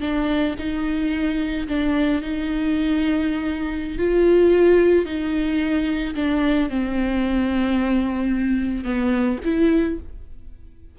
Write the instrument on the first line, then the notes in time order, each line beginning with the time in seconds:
viola
0.00 D4
0.58 D#4
1.68 D4
2.21 D#4
3.98 F4
5.05 D#4
6.15 D4
6.69 C4
8.84 B3
9.44 E4